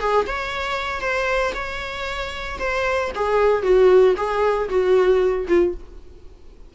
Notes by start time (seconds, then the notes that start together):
0.00 G#4
0.27 C#5
1.01 C5
1.54 C#5
2.59 C5
3.15 G#4
3.63 F#4
4.17 G#4
4.69 F#4
5.48 F4